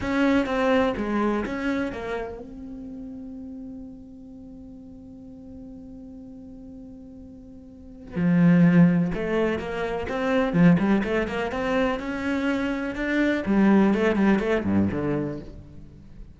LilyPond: \new Staff \with { instrumentName = "cello" } { \time 4/4 \tempo 4 = 125 cis'4 c'4 gis4 cis'4 | ais4 c'2.~ | c'1~ | c'1~ |
c'4 f2 a4 | ais4 c'4 f8 g8 a8 ais8 | c'4 cis'2 d'4 | g4 a8 g8 a8 g,8 d4 | }